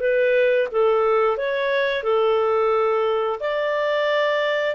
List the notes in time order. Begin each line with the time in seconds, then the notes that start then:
0.00 B4
0.72 A4
1.38 C#5
2.03 A4
3.40 D5